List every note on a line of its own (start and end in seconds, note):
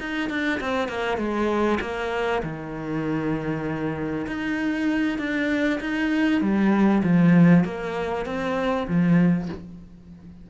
0.00 0.29 D#4
0.29 0.60 D4
0.61 0.88 C4
0.88 1.17 A#3
1.17 1.79 G#3
1.81 2.42 A#3
2.43 4.26 D#3
4.27 5.18 D#4
5.18 5.79 D4
5.80 6.41 D#4
6.41 7.02 G3
7.03 7.64 F3
7.64 8.25 A#3
8.26 8.87 C4
8.88 9.49 F3